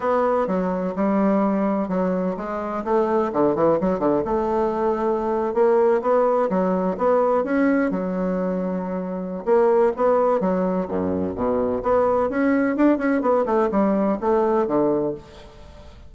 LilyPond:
\new Staff \with { instrumentName = "bassoon" } { \time 4/4 \tempo 4 = 127 b4 fis4 g2 | fis4 gis4 a4 d8 e8 | fis8 d8 a2~ a8. ais16~ | ais8. b4 fis4 b4 cis'16~ |
cis'8. fis2.~ fis16 | ais4 b4 fis4 fis,4 | b,4 b4 cis'4 d'8 cis'8 | b8 a8 g4 a4 d4 | }